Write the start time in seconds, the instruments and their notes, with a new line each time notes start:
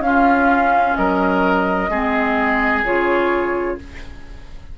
0.00 bassoon C#4, clarinet C#4, flute F5
0.06 oboe F4
0.96 bassoon F#3, oboe A#4, flute D#5
1.90 bassoon G#3, clarinet C4, oboe G#4
2.85 bassoon C#3, clarinet F4, flute C#5